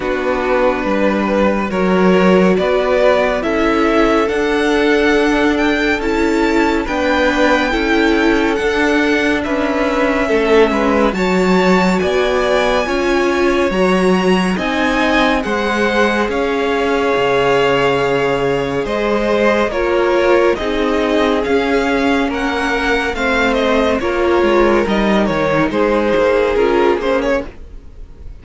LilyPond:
<<
  \new Staff \with { instrumentName = "violin" } { \time 4/4 \tempo 4 = 70 b'2 cis''4 d''4 | e''4 fis''4. g''8 a''4 | g''2 fis''4 e''4~ | e''4 a''4 gis''2 |
ais''4 gis''4 fis''4 f''4~ | f''2 dis''4 cis''4 | dis''4 f''4 fis''4 f''8 dis''8 | cis''4 dis''8 cis''8 c''4 ais'8 c''16 cis''16 | }
  \new Staff \with { instrumentName = "violin" } { \time 4/4 fis'4 b'4 ais'4 b'4 | a'1 | b'4 a'2 b'4 | a'8 b'8 cis''4 d''4 cis''4~ |
cis''4 dis''4 c''4 cis''4~ | cis''2 c''4 ais'4 | gis'2 ais'4 c''4 | ais'2 gis'2 | }
  \new Staff \with { instrumentName = "viola" } { \time 4/4 d'2 fis'2 | e'4 d'2 e'4 | d'4 e'4 d'2 | cis'4 fis'2 f'4 |
fis'4 dis'4 gis'2~ | gis'2. f'4 | dis'4 cis'2 c'4 | f'4 dis'2 f'8 cis'8 | }
  \new Staff \with { instrumentName = "cello" } { \time 4/4 b4 g4 fis4 b4 | cis'4 d'2 cis'4 | b4 cis'4 d'4 cis'4 | a8 gis8 fis4 b4 cis'4 |
fis4 c'4 gis4 cis'4 | cis2 gis4 ais4 | c'4 cis'4 ais4 a4 | ais8 gis8 g8 dis8 gis8 ais8 cis'8 ais8 | }
>>